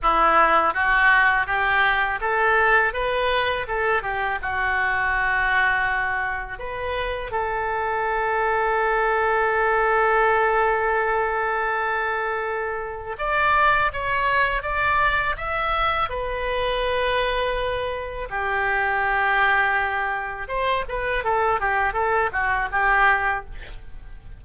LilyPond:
\new Staff \with { instrumentName = "oboe" } { \time 4/4 \tempo 4 = 82 e'4 fis'4 g'4 a'4 | b'4 a'8 g'8 fis'2~ | fis'4 b'4 a'2~ | a'1~ |
a'2 d''4 cis''4 | d''4 e''4 b'2~ | b'4 g'2. | c''8 b'8 a'8 g'8 a'8 fis'8 g'4 | }